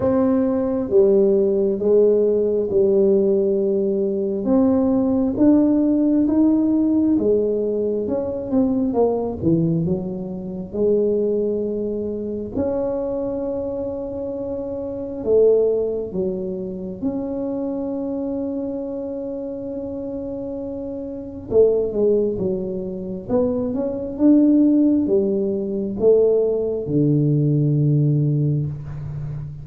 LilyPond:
\new Staff \with { instrumentName = "tuba" } { \time 4/4 \tempo 4 = 67 c'4 g4 gis4 g4~ | g4 c'4 d'4 dis'4 | gis4 cis'8 c'8 ais8 e8 fis4 | gis2 cis'2~ |
cis'4 a4 fis4 cis'4~ | cis'1 | a8 gis8 fis4 b8 cis'8 d'4 | g4 a4 d2 | }